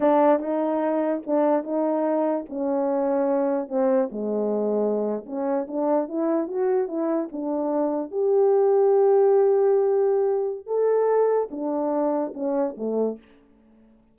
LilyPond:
\new Staff \with { instrumentName = "horn" } { \time 4/4 \tempo 4 = 146 d'4 dis'2 d'4 | dis'2 cis'2~ | cis'4 c'4 gis2~ | gis8. cis'4 d'4 e'4 fis'16~ |
fis'8. e'4 d'2 g'16~ | g'1~ | g'2 a'2 | d'2 cis'4 a4 | }